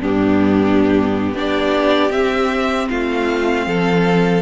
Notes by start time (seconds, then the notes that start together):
0.00 G2 B3 D4 G4
1.33 B3 D4 G4 D5
2.10 C4 E5
2.89 A3 F4 F5
3.66 F3 A4